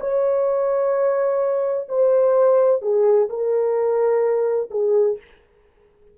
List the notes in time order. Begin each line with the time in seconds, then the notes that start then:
0.00 C#5
1.88 C5
2.81 G#4
3.29 A#4
4.70 G#4